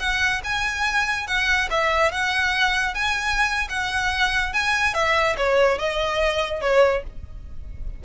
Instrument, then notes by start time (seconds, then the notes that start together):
violin
0.00 F#5
0.44 G#5
1.28 F#5
1.71 E5
2.12 F#5
2.95 G#5
3.70 F#5
4.54 G#5
4.94 E5
5.38 C#5
5.79 D#5
6.62 C#5